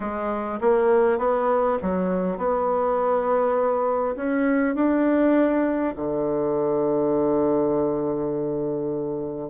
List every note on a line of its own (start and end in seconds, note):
0.00 0.59 G#3
0.60 1.18 A#3
1.18 1.78 B3
1.81 2.37 F#3
2.37 4.15 B3
4.16 4.75 C#4
4.75 5.94 D4
5.95 9.49 D3